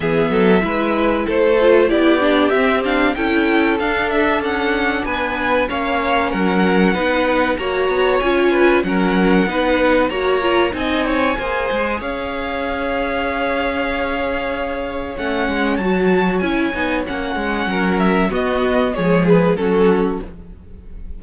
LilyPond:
<<
  \new Staff \with { instrumentName = "violin" } { \time 4/4 \tempo 4 = 95 e''2 c''4 d''4 | e''8 f''8 g''4 f''8 e''8 fis''4 | gis''4 f''4 fis''2 | ais''4 gis''4 fis''2 |
ais''4 gis''2 f''4~ | f''1 | fis''4 a''4 gis''4 fis''4~ | fis''8 e''8 dis''4 cis''8 b'8 a'4 | }
  \new Staff \with { instrumentName = "violin" } { \time 4/4 gis'8 a'8 b'4 a'4 g'4~ | g'4 a'2. | b'4 cis''4 ais'4 b'4 | cis''4. b'8 ais'4 b'4 |
cis''4 dis''8 cis''8 c''4 cis''4~ | cis''1~ | cis''1 | ais'4 fis'4 gis'4 fis'4 | }
  \new Staff \with { instrumentName = "viola" } { \time 4/4 b4 e'4. f'8 e'8 d'8 | c'8 d'8 e'4 d'2~ | d'4 cis'2 dis'4 | fis'4 f'4 cis'4 dis'4 |
fis'8 f'8 dis'4 gis'2~ | gis'1 | cis'4 fis'4 e'8 dis'8 cis'4~ | cis'4 b4 gis4 cis'4 | }
  \new Staff \with { instrumentName = "cello" } { \time 4/4 e8 fis8 gis4 a4 b4 | c'4 cis'4 d'4 cis'4 | b4 ais4 fis4 b4 | ais8 b8 cis'4 fis4 b4 |
ais4 c'4 ais8 gis8 cis'4~ | cis'1 | a8 gis8 fis4 cis'8 b8 ais8 gis8 | fis4 b4 f4 fis4 | }
>>